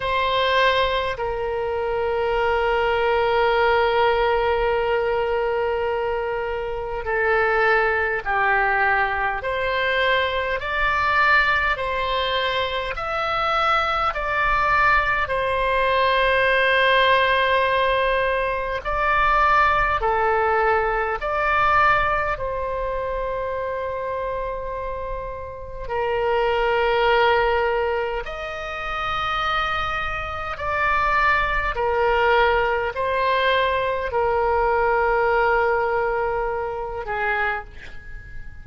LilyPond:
\new Staff \with { instrumentName = "oboe" } { \time 4/4 \tempo 4 = 51 c''4 ais'2.~ | ais'2 a'4 g'4 | c''4 d''4 c''4 e''4 | d''4 c''2. |
d''4 a'4 d''4 c''4~ | c''2 ais'2 | dis''2 d''4 ais'4 | c''4 ais'2~ ais'8 gis'8 | }